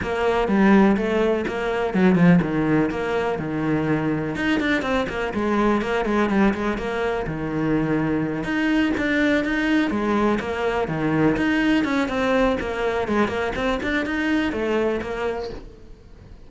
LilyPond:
\new Staff \with { instrumentName = "cello" } { \time 4/4 \tempo 4 = 124 ais4 g4 a4 ais4 | fis8 f8 dis4 ais4 dis4~ | dis4 dis'8 d'8 c'8 ais8 gis4 | ais8 gis8 g8 gis8 ais4 dis4~ |
dis4. dis'4 d'4 dis'8~ | dis'8 gis4 ais4 dis4 dis'8~ | dis'8 cis'8 c'4 ais4 gis8 ais8 | c'8 d'8 dis'4 a4 ais4 | }